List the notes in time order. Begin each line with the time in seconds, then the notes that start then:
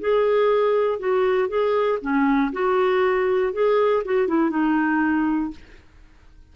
0.00 G#4
0.99 F#4
1.49 G#4
2.01 C#4
2.53 F#4
3.53 G#4
4.05 F#4
4.28 E4
4.50 D#4